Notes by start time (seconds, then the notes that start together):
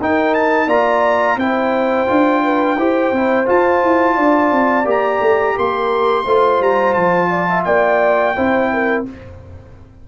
0.00 D#4 A#4 G5
0.34 A5
0.66 A#3 F4 D5 A#5
1.36 C4 E4 C5 G5
2.07 D4 F4
2.44 B4
2.76 E4 G4 C5
3.11 C4 E4
3.45 F4 A5
3.83 E4
4.15 D4 D5
4.52 C4
4.85 A#3 G4 A#5
5.20 A3
5.55 A#3 A#4 C6
6.24 A3 F4 C5
6.60 G3 A#5
6.93 F3 A5
7.30 D5
7.49 E5
7.64 A#3 D5 G5
8.35 C4 E4 C5
8.73 A#4